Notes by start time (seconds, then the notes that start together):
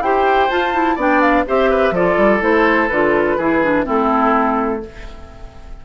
0.00 E4 G4 C5 G5
0.50 F4 A5
0.73 E4
0.96 B3 D4 D5 G5
1.21 F5
1.46 C4 G4 C5 E5
1.70 B4
1.91 F3 F4 A4 D5
2.18 G3
2.40 A3 E4 C5
2.88 D3 F4 B4
3.37 E3 E4 G#4
3.64 D4
3.85 A3 C4 E4 A4